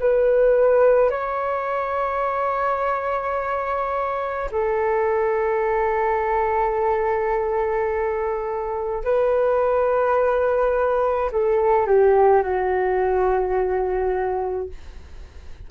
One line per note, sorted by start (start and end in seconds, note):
0.00 1.10 B4
1.10 4.50 C#5
4.51 9.04 A4
9.04 11.31 B4
11.32 11.87 A4
11.87 12.43 G4
12.43 14.69 F#4